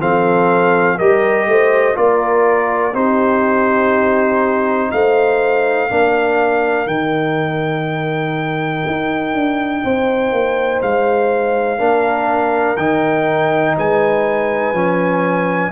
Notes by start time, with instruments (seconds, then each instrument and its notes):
0.00 tuba F3, trombone C4, horn A4, trumpet F5
0.97 tuba G3, trombone G4, horn A#4, trumpet D#5
1.47 tuba A3, horn C5
1.94 tuba A#3, trombone F4, horn A#4, trumpet D5
2.94 tuba C4, trombone D#4, horn G4, trumpet C5
4.91 tuba A3, horn C5, trumpet F5
5.89 tuba A#3, trombone D4, horn A#4
6.87 tuba D#3, trombone D#4, trumpet G5
8.86 tuba D#4
9.34 tuba D4
9.83 tuba C4, horn C5
10.32 tuba A#3
10.82 tuba G#3, trumpet F5
11.78 tuba A#3, trombone D4, horn A#4
12.77 tuba D#3, trombone D#4, trumpet G5
13.76 tuba G#3, horn B4, trumpet G#5
14.73 tuba F3, trombone C#4